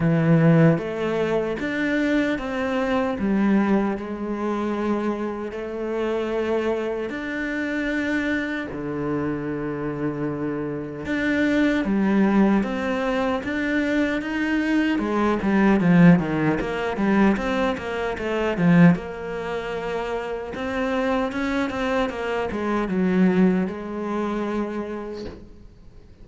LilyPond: \new Staff \with { instrumentName = "cello" } { \time 4/4 \tempo 4 = 76 e4 a4 d'4 c'4 | g4 gis2 a4~ | a4 d'2 d4~ | d2 d'4 g4 |
c'4 d'4 dis'4 gis8 g8 | f8 dis8 ais8 g8 c'8 ais8 a8 f8 | ais2 c'4 cis'8 c'8 | ais8 gis8 fis4 gis2 | }